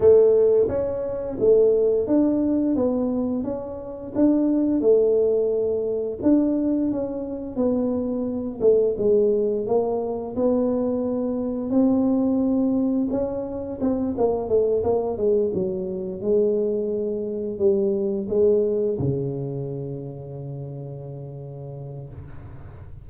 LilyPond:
\new Staff \with { instrumentName = "tuba" } { \time 4/4 \tempo 4 = 87 a4 cis'4 a4 d'4 | b4 cis'4 d'4 a4~ | a4 d'4 cis'4 b4~ | b8 a8 gis4 ais4 b4~ |
b4 c'2 cis'4 | c'8 ais8 a8 ais8 gis8 fis4 gis8~ | gis4. g4 gis4 cis8~ | cis1 | }